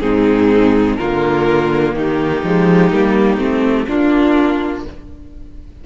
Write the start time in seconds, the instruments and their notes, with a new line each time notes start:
0.00 cello G#2, viola C4, violin D#4 G#4
0.96 cello D3, viola A#3, violin F4 A#4
1.94 cello D#3, violin D#4 G4
2.44 cello F3, viola G#3
2.92 cello G3, viola A#3
3.37 cello A3, viola C4
3.87 cello A#3, viola D4, violin D4 F4